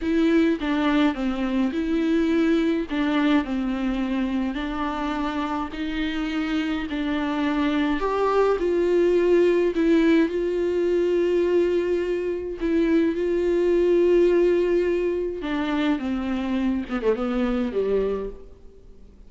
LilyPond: \new Staff \with { instrumentName = "viola" } { \time 4/4 \tempo 4 = 105 e'4 d'4 c'4 e'4~ | e'4 d'4 c'2 | d'2 dis'2 | d'2 g'4 f'4~ |
f'4 e'4 f'2~ | f'2 e'4 f'4~ | f'2. d'4 | c'4. b16 a16 b4 g4 | }